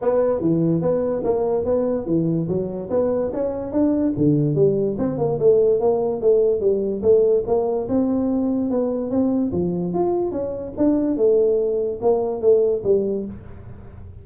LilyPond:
\new Staff \with { instrumentName = "tuba" } { \time 4/4 \tempo 4 = 145 b4 e4 b4 ais4 | b4 e4 fis4 b4 | cis'4 d'4 d4 g4 | c'8 ais8 a4 ais4 a4 |
g4 a4 ais4 c'4~ | c'4 b4 c'4 f4 | f'4 cis'4 d'4 a4~ | a4 ais4 a4 g4 | }